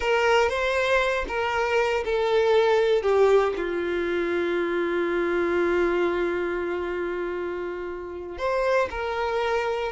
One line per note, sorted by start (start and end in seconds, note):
0.00 0.49 A#4
0.49 1.25 C5
1.27 2.04 A#4
2.04 3.02 A4
3.02 3.53 G4
3.57 8.38 F4
8.38 8.88 C5
8.90 9.92 A#4